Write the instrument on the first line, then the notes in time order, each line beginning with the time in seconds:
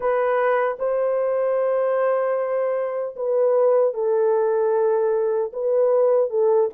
horn
0.00 B4
0.78 C5
3.15 B4
3.94 A4
5.52 B4
6.29 A4